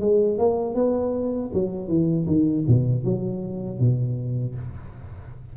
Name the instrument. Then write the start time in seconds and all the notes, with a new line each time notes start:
tuba
0.00 G#3
0.38 A#3
0.74 B3
1.53 F#3
1.87 E3
2.26 D#3
2.67 B2
3.04 F#3
3.79 B2